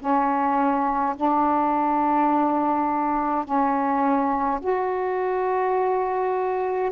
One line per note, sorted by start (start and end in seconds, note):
0.00 1.15 C#4
1.16 3.45 D4
3.45 4.60 C#4
4.61 6.92 F#4